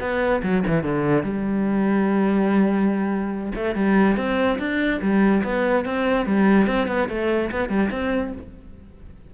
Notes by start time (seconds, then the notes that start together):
0.00 B3
0.42 F#3
0.67 E3
0.83 D3
1.23 G3
3.55 A3
3.75 G3
4.16 C4
4.58 D4
5.01 G3
5.43 B3
5.85 C4
6.26 G3
6.67 C4
6.87 B3
7.08 A3
7.51 B3
7.69 G3
7.91 C4